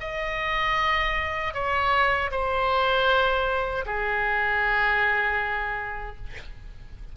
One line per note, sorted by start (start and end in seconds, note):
0.00 1.54 D#5
1.54 2.31 C#5
2.31 3.85 C5
3.86 6.17 G#4